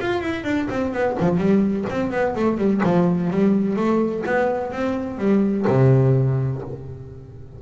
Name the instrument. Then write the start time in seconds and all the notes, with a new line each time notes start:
double bass
0.00 F4
0.21 E4
0.44 D4
0.70 C4
0.93 B3
1.20 F3
1.38 G3
1.90 C4
2.12 B3
2.36 A3
2.58 G3
2.84 F3
3.31 G3
3.76 A3
4.26 B3
4.72 C4
5.18 G3
5.68 C3